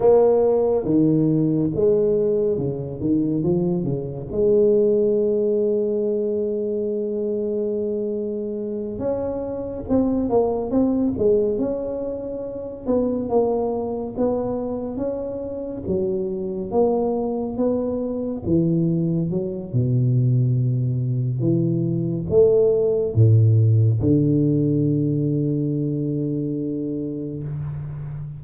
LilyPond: \new Staff \with { instrumentName = "tuba" } { \time 4/4 \tempo 4 = 70 ais4 dis4 gis4 cis8 dis8 | f8 cis8 gis2.~ | gis2~ gis8 cis'4 c'8 | ais8 c'8 gis8 cis'4. b8 ais8~ |
ais8 b4 cis'4 fis4 ais8~ | ais8 b4 e4 fis8 b,4~ | b,4 e4 a4 a,4 | d1 | }